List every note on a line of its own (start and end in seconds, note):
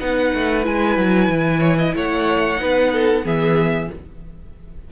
0.00 0.34 B3
0.00 0.64 D#4
0.00 1.60 B4
0.00 0.66 F#5
0.35 0.67 A3
0.64 0.98 G#3
0.64 2.57 E4
0.64 1.97 G#5
0.98 1.29 F#3
1.29 1.94 E3
1.60 1.77 C#5
1.79 1.95 D#5
1.96 2.61 A3
1.96 2.61 C#5
1.96 3.27 F#5
2.57 3.25 B3
2.57 3.22 D#4
2.57 2.93 B4
2.93 3.26 A4
3.23 3.90 E3
3.23 3.89 B3
3.23 3.91 G#4
3.23 3.92 E5